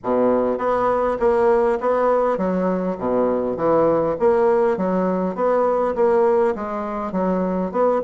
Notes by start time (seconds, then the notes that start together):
0.03 B2
0.58 B3
1.19 A#3
1.80 B3
2.37 F#3
2.98 B2
3.56 E3
4.19 A#3
4.77 F#3
5.35 B3
5.95 A#3
6.55 G#3
7.12 F#3
7.71 B3